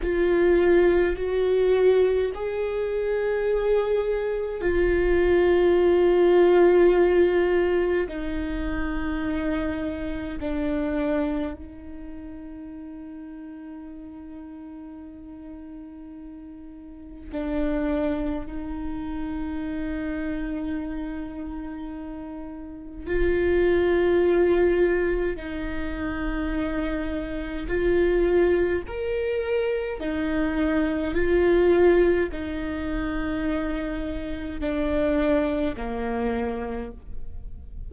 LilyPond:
\new Staff \with { instrumentName = "viola" } { \time 4/4 \tempo 4 = 52 f'4 fis'4 gis'2 | f'2. dis'4~ | dis'4 d'4 dis'2~ | dis'2. d'4 |
dis'1 | f'2 dis'2 | f'4 ais'4 dis'4 f'4 | dis'2 d'4 ais4 | }